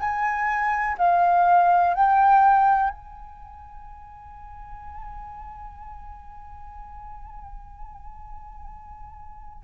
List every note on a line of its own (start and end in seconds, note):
0.00 0.97 G#5
0.99 1.94 F5
1.94 2.90 G5
2.90 9.64 G#5